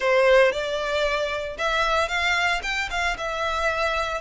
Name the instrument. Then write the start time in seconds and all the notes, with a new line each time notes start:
violin
0.00 C5
0.51 D5
1.57 E5
2.08 F5
2.62 G5
2.90 F5
3.17 E5